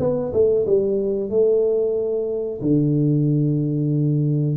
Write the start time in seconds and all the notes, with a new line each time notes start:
0.00 B3
0.33 A3
0.66 G3
1.30 A3
2.62 D3